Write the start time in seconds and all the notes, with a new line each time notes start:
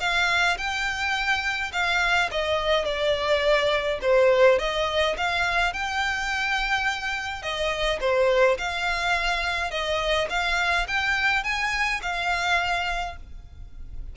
0.00 F5
0.58 G5
1.72 F5
2.31 D#5
2.85 D5
4.02 C5
4.59 D#5
5.17 F5
5.74 G5
7.42 D#5
8.01 C5
8.58 F5
9.71 D#5
10.30 F5
10.88 G5
11.44 G#5
12.02 F5